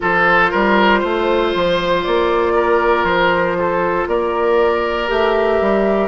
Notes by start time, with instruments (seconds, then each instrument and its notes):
0.00 bassoon F3, clarinet F4, oboe A4, flute C5
0.50 bassoon G3, oboe A#4
1.00 bassoon A3, oboe C5
1.54 bassoon F3
2.03 bassoon A#3, flute D5
2.55 oboe A#4
3.04 bassoon F3, flute C5
3.58 oboe A4
4.07 bassoon A#3, oboe A#4, flute D5
5.07 bassoon A3, clarinet G4, flute E5
5.60 bassoon G3